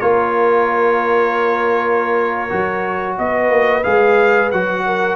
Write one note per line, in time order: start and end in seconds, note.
0.00 2.51 A#3
0.00 2.50 F4
0.00 3.18 A#4
0.00 3.17 C#5
2.50 3.19 F#3
2.50 3.83 F#4
3.18 3.50 B3
3.18 4.85 B4
3.18 3.84 D#5
3.50 3.83 A#3
3.84 4.53 G#3
3.84 4.50 G#4
3.84 4.51 F5
4.51 5.16 F#3
4.51 5.16 F#4
4.51 5.16 F#5
4.86 5.16 A#4